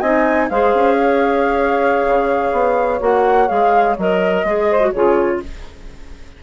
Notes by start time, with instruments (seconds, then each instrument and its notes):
0.00 bassoon C4, clarinet D#4, saxophone D#5, flute G#5
0.49 bassoon G#3, clarinet G#4, saxophone C5, flute F5
0.74 bassoon C#4
0.98 saxophone C#5
2.07 bassoon C#3
2.52 bassoon B3
3.00 bassoon A#3, clarinet F#4, flute F#5
3.47 bassoon G#3, clarinet G#4, flute F5
3.98 bassoon F#3, clarinet A#4, flute D#5
4.44 bassoon G#3, clarinet G#4
4.70 saxophone C5
4.80 clarinet F#4
4.91 bassoon C#3, clarinet F4, saxophone G#4, flute C#5